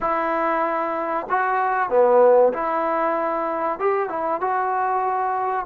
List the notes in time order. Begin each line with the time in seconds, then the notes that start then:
0.00 E4
1.29 F#4
1.89 B3
2.53 E4
3.79 G4
4.09 E4
4.40 F#4